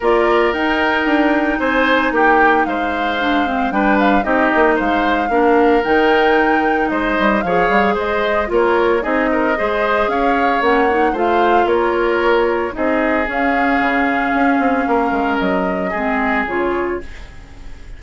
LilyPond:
<<
  \new Staff \with { instrumentName = "flute" } { \time 4/4 \tempo 4 = 113 d''4 g''2 gis''4 | g''4 f''2 g''8 f''8 | dis''4 f''2 g''4~ | g''4 dis''4 f''4 dis''4 |
cis''4 dis''2 f''4 | fis''4 f''4 cis''2 | dis''4 f''2.~ | f''4 dis''2 cis''4 | }
  \new Staff \with { instrumentName = "oboe" } { \time 4/4 ais'2. c''4 | g'4 c''2 b'4 | g'4 c''4 ais'2~ | ais'4 c''4 cis''4 c''4 |
ais'4 gis'8 ais'8 c''4 cis''4~ | cis''4 c''4 ais'2 | gis'1 | ais'2 gis'2 | }
  \new Staff \with { instrumentName = "clarinet" } { \time 4/4 f'4 dis'2.~ | dis'2 d'8 c'8 d'4 | dis'2 d'4 dis'4~ | dis'2 gis'2 |
f'4 dis'4 gis'2 | cis'8 dis'8 f'2. | dis'4 cis'2.~ | cis'2 c'4 f'4 | }
  \new Staff \with { instrumentName = "bassoon" } { \time 4/4 ais4 dis'4 d'4 c'4 | ais4 gis2 g4 | c'8 ais8 gis4 ais4 dis4~ | dis4 gis8 g8 f8 g8 gis4 |
ais4 c'4 gis4 cis'4 | ais4 a4 ais2 | c'4 cis'4 cis4 cis'8 c'8 | ais8 gis8 fis4 gis4 cis4 | }
>>